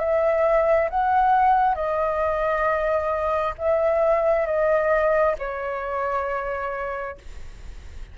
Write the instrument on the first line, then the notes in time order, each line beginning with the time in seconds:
flute
0.00 E5
0.90 F#5
1.76 D#5
3.59 E5
4.47 D#5
5.39 C#5